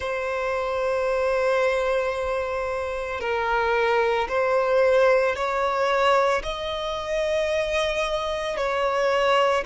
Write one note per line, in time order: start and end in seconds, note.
0.00 3.20 C5
3.20 4.27 A#4
4.28 5.35 C5
5.35 6.42 C#5
6.42 8.57 D#5
8.57 9.64 C#5